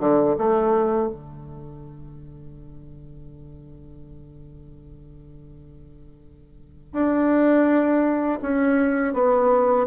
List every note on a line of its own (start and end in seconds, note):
0.00 0.37 D3
0.39 1.09 A3
1.09 6.93 D3
6.93 8.39 D4
8.42 9.14 C#4
9.14 9.87 B3